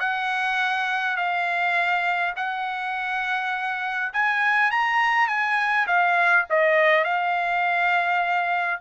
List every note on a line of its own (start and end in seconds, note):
0.00 1.17 F#5
1.17 2.34 F5
2.37 4.13 F#5
4.13 4.71 G#5
4.71 5.28 A#5
5.28 5.87 G#5
5.87 6.46 F5
6.50 7.05 D#5
7.05 8.81 F5